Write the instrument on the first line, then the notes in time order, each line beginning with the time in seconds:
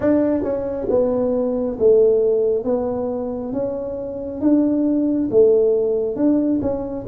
tuba
0.00 D4
0.43 C#4
0.89 B3
1.79 A3
2.64 B3
3.52 C#4
4.40 D4
5.30 A3
6.16 D4
6.61 C#4